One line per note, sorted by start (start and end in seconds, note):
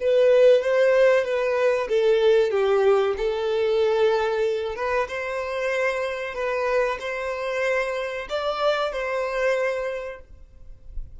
0.00 0.62 B4
0.62 1.24 C5
1.24 1.88 B4
1.88 2.50 A4
2.50 3.14 G4
3.17 4.75 A4
4.75 5.07 B4
5.08 6.34 C5
6.34 6.98 B4
7.00 8.27 C5
8.29 8.92 D5
8.92 10.20 C5